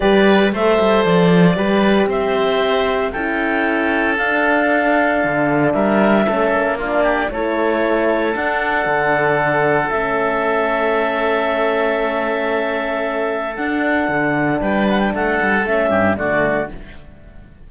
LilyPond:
<<
  \new Staff \with { instrumentName = "clarinet" } { \time 4/4 \tempo 4 = 115 d''4 e''4 d''2 | e''2 g''2 | f''2. e''4~ | e''4 d''4 cis''2 |
fis''2. e''4~ | e''1~ | e''2 fis''2 | g''8 fis''16 g''16 fis''4 e''4 d''4 | }
  \new Staff \with { instrumentName = "oboe" } { \time 4/4 b'4 c''2 b'4 | c''2 a'2~ | a'2. ais'4 | a'4 f'8 g'8 a'2~ |
a'1~ | a'1~ | a'1 | b'4 a'4. g'8 fis'4 | }
  \new Staff \with { instrumentName = "horn" } { \time 4/4 g'4 a'2 g'4~ | g'2 e'2 | d'1 | cis'4 d'4 e'2 |
d'2. cis'4~ | cis'1~ | cis'2 d'2~ | d'2 cis'4 a4 | }
  \new Staff \with { instrumentName = "cello" } { \time 4/4 g4 a8 g8 f4 g4 | c'2 cis'2 | d'2 d4 g4 | a8 ais4. a2 |
d'4 d2 a4~ | a1~ | a2 d'4 d4 | g4 a8 g8 a8 g,8 d4 | }
>>